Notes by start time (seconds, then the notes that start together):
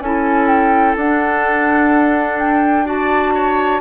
0.00 C#4 E4 A4 G#5
0.48 G5
0.96 D4 F#5
2.39 G5
2.85 F#4 D5 A5
3.35 C#5